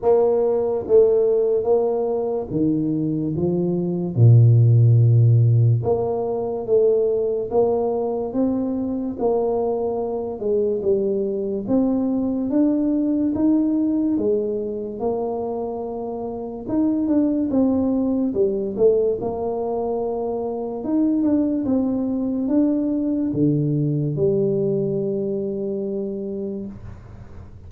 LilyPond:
\new Staff \with { instrumentName = "tuba" } { \time 4/4 \tempo 4 = 72 ais4 a4 ais4 dis4 | f4 ais,2 ais4 | a4 ais4 c'4 ais4~ | ais8 gis8 g4 c'4 d'4 |
dis'4 gis4 ais2 | dis'8 d'8 c'4 g8 a8 ais4~ | ais4 dis'8 d'8 c'4 d'4 | d4 g2. | }